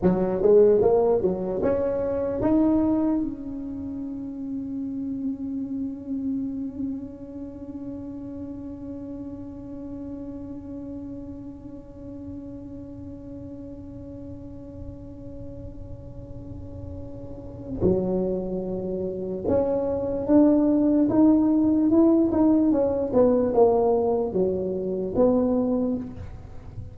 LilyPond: \new Staff \with { instrumentName = "tuba" } { \time 4/4 \tempo 4 = 74 fis8 gis8 ais8 fis8 cis'4 dis'4 | cis'1~ | cis'1~ | cis'1~ |
cis'1~ | cis'2 fis2 | cis'4 d'4 dis'4 e'8 dis'8 | cis'8 b8 ais4 fis4 b4 | }